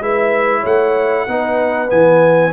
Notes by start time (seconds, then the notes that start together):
0.00 G#3 E4 B4 E5
0.60 A3 C#5
0.66 F#5
1.28 B3 D#4 B4
1.88 E3 B3 G#5